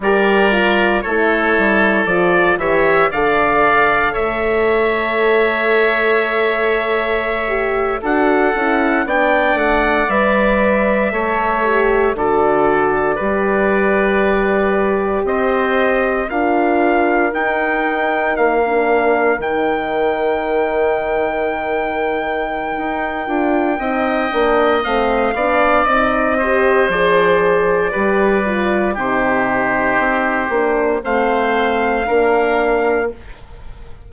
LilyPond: <<
  \new Staff \with { instrumentName = "trumpet" } { \time 4/4 \tempo 4 = 58 d''4 cis''4 d''8 e''8 f''4 | e''2.~ e''8. fis''16~ | fis''8. g''8 fis''8 e''2 d''16~ | d''2~ d''8. dis''4 f''16~ |
f''8. g''4 f''4 g''4~ g''16~ | g''1 | f''4 dis''4 d''2 | c''2 f''2 | }
  \new Staff \with { instrumentName = "oboe" } { \time 4/4 ais'4 a'4. cis''8 d''4 | cis''2.~ cis''8. a'16~ | a'8. d''2 cis''4 a'16~ | a'8. b'2 c''4 ais'16~ |
ais'1~ | ais'2. dis''4~ | dis''8 d''4 c''4. b'4 | g'2 c''4 ais'4 | }
  \new Staff \with { instrumentName = "horn" } { \time 4/4 g'8 f'8 e'4 f'8 g'8 a'4~ | a'2.~ a'16 g'8 fis'16~ | fis'16 e'8 d'4 b'4 a'8 g'8 fis'16~ | fis'8. g'2. f'16~ |
f'8. dis'4~ dis'16 d'8. dis'4~ dis'16~ | dis'2~ dis'8 f'8 dis'8 d'8 | c'8 d'8 dis'8 g'8 gis'4 g'8 f'8 | dis'4. d'8 c'4 d'4 | }
  \new Staff \with { instrumentName = "bassoon" } { \time 4/4 g4 a8 g8 f8 e8 d4 | a2.~ a8. d'16~ | d'16 cis'8 b8 a8 g4 a4 d16~ | d8. g2 c'4 d'16~ |
d'8. dis'4 ais4 dis4~ dis16~ | dis2 dis'8 d'8 c'8 ais8 | a8 b8 c'4 f4 g4 | c4 c'8 ais8 a4 ais4 | }
>>